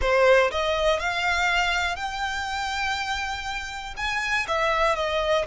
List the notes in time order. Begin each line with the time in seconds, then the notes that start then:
0.01 C5
0.51 D#5
0.99 F5
1.96 G5
3.96 G#5
4.47 E5
4.95 D#5